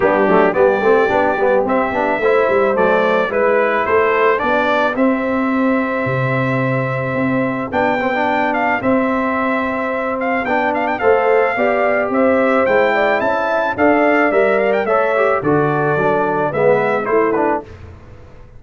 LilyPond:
<<
  \new Staff \with { instrumentName = "trumpet" } { \time 4/4 \tempo 4 = 109 g'4 d''2 e''4~ | e''4 d''4 b'4 c''4 | d''4 e''2.~ | e''2 g''4. f''8 |
e''2~ e''8 f''8 g''8 f''16 g''16 | f''2 e''4 g''4 | a''4 f''4 e''8 f''16 g''16 e''4 | d''2 e''4 c''8 b'8 | }
  \new Staff \with { instrumentName = "horn" } { \time 4/4 d'4 g'2. | c''2 b'4 a'4 | g'1~ | g'1~ |
g'1 | c''4 d''4 c''4. d''8 | e''4 d''2 cis''4 | a'2 b'4 e'4 | }
  \new Staff \with { instrumentName = "trombone" } { \time 4/4 b8 a8 b8 c'8 d'8 b8 c'8 d'8 | e'4 a4 e'2 | d'4 c'2.~ | c'2 d'8 c'16 d'4~ d'16 |
c'2. d'4 | a'4 g'2 e'4~ | e'4 a'4 ais'4 a'8 g'8 | fis'4 d'4 b4 e'8 d'8 | }
  \new Staff \with { instrumentName = "tuba" } { \time 4/4 g8 fis8 g8 a8 b8 g8 c'8 b8 | a8 g8 fis4 gis4 a4 | b4 c'2 c4~ | c4 c'4 b2 |
c'2. b4 | a4 b4 c'4 gis4 | cis'4 d'4 g4 a4 | d4 fis4 gis4 a4 | }
>>